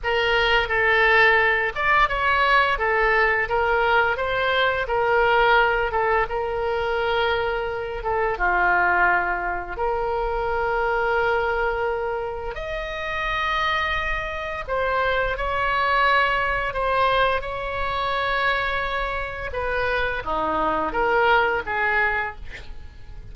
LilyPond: \new Staff \with { instrumentName = "oboe" } { \time 4/4 \tempo 4 = 86 ais'4 a'4. d''8 cis''4 | a'4 ais'4 c''4 ais'4~ | ais'8 a'8 ais'2~ ais'8 a'8 | f'2 ais'2~ |
ais'2 dis''2~ | dis''4 c''4 cis''2 | c''4 cis''2. | b'4 dis'4 ais'4 gis'4 | }